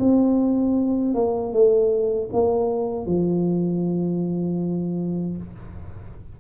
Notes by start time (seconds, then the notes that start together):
0.00 C4
1.15 A#3
1.53 A3
2.33 A#3
3.07 F3